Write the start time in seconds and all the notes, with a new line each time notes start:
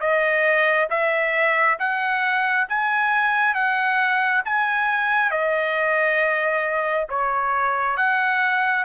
0.00 D#5
0.90 E5
1.79 F#5
2.69 G#5
3.55 F#5
4.46 G#5
5.31 D#5
7.09 C#5
7.97 F#5